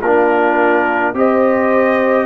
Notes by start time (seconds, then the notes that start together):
0.00 A#3 D4 F4 A#4
1.13 C4 G4 C5 D#5